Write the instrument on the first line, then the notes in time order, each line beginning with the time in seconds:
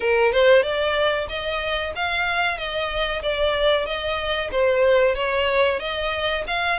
violin
0.00 A#4
0.32 C5
0.62 D5
1.28 D#5
1.95 F5
2.57 D#5
3.22 D5
3.85 D#5
4.51 C5
5.15 C#5
5.79 D#5
6.47 F5